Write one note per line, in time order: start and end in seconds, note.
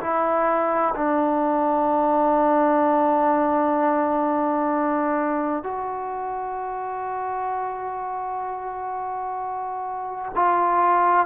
0.00 0.94 E4
0.95 5.63 D4
5.63 10.32 F#4
10.35 11.26 F4